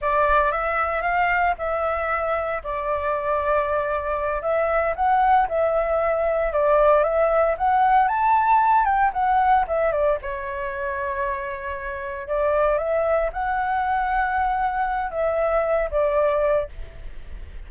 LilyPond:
\new Staff \with { instrumentName = "flute" } { \time 4/4 \tempo 4 = 115 d''4 e''4 f''4 e''4~ | e''4 d''2.~ | d''8 e''4 fis''4 e''4.~ | e''8 d''4 e''4 fis''4 a''8~ |
a''4 g''8 fis''4 e''8 d''8 cis''8~ | cis''2.~ cis''8 d''8~ | d''8 e''4 fis''2~ fis''8~ | fis''4 e''4. d''4. | }